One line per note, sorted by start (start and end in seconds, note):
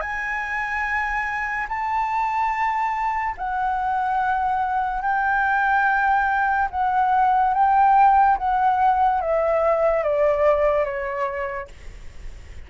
0.00 1.67 G#5
1.68 3.35 A5
3.37 5.02 F#5
5.02 6.68 G5
6.70 7.53 F#5
7.53 8.37 G5
8.37 9.20 F#5
9.21 10.03 E5
10.03 10.84 D5
10.84 11.67 C#5